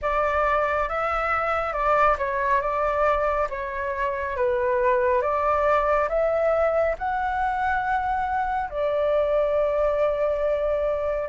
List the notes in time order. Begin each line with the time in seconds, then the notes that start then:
0.01 D5
0.88 E5
1.73 D5
2.18 C#5
2.61 D5
3.49 C#5
4.36 B4
5.21 D5
6.09 E5
6.98 F#5
8.70 D5